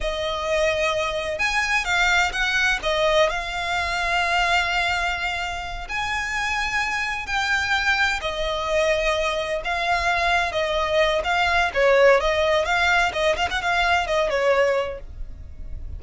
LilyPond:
\new Staff \with { instrumentName = "violin" } { \time 4/4 \tempo 4 = 128 dis''2. gis''4 | f''4 fis''4 dis''4 f''4~ | f''1~ | f''8 gis''2. g''8~ |
g''4. dis''2~ dis''8~ | dis''8 f''2 dis''4. | f''4 cis''4 dis''4 f''4 | dis''8 f''16 fis''16 f''4 dis''8 cis''4. | }